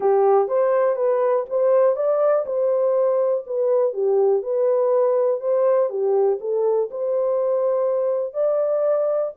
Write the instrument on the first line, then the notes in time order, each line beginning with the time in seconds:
horn
0.00 G4
0.48 C5
0.96 B4
1.49 C5
1.96 D5
2.46 C5
3.46 B4
3.93 G4
4.42 B4
5.40 C5
5.89 G4
6.40 A4
6.91 C5
8.33 D5